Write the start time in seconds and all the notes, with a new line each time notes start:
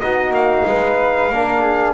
0.00 B3 D#4 F#4 D#5
0.31 A#3 F5
0.66 G#3 B4
1.30 A#3 D4 A#4
1.61 G#4